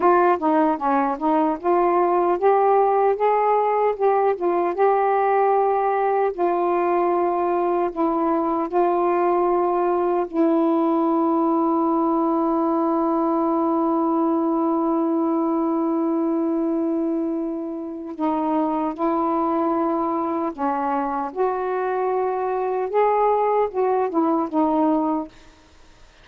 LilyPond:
\new Staff \with { instrumentName = "saxophone" } { \time 4/4 \tempo 4 = 76 f'8 dis'8 cis'8 dis'8 f'4 g'4 | gis'4 g'8 f'8 g'2 | f'2 e'4 f'4~ | f'4 e'2.~ |
e'1~ | e'2. dis'4 | e'2 cis'4 fis'4~ | fis'4 gis'4 fis'8 e'8 dis'4 | }